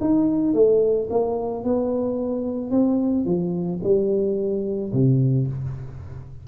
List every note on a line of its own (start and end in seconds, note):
0.00 0.53 D#4
0.53 1.08 A3
1.10 1.64 A#3
1.64 2.70 B3
2.70 3.25 C4
3.25 3.80 F3
3.83 4.92 G3
4.92 5.47 C3